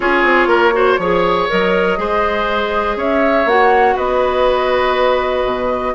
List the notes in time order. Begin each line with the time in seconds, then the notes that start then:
0.00 C#4 F4 G#4 C#5
0.23 C4
0.47 A#3 A#4
0.73 F#4 C5
0.98 F3 G#4 C#5
1.48 F#3 A#4 D#5
1.97 G#3 G#4 C5
2.96 C#4 C#5 E5
3.45 A#3 F#4 F#5
3.95 B3 B4 D#5
5.44 B2